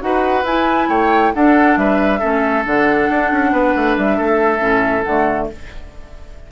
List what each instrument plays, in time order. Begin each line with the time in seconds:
0.00 bassoon D#4, clarinet F#4, oboe B4, flute F#5
0.43 bassoon E4, clarinet E4, flute G#5
0.89 bassoon A3, oboe C#5, flute G5
1.34 bassoon D4, clarinet D4, oboe A4, flute F#5
1.77 bassoon G3, oboe B4, flute E5
2.19 bassoon A3, clarinet C#4, oboe A4
2.65 bassoon D3, clarinet D4, flute F#5
3.10 bassoon D4
3.31 bassoon C#4
3.52 bassoon B3, oboe B4
3.75 bassoon A3
3.97 bassoon G3, flute E5
4.17 bassoon A3, oboe A4
4.59 bassoon A2, clarinet C#4
5.03 bassoon D3, clarinet A3, flute F#5